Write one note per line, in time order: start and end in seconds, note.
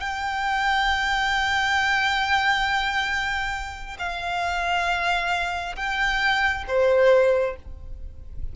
0.00 3.97 G5
3.99 5.76 F5
5.76 6.65 G5
6.68 7.56 C5